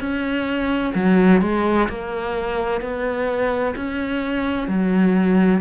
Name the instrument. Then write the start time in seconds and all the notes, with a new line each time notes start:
cello
0.00 C#4
0.95 F#3
1.42 G#3
1.89 A#3
2.81 B3
3.76 C#4
4.68 F#3